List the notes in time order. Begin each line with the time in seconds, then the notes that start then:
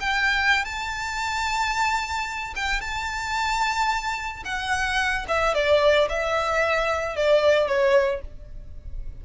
0.00 G5
0.65 A5
2.55 G5
2.81 A5
4.44 F#5
5.28 E5
5.55 D5
6.09 E5
7.16 D5
7.67 C#5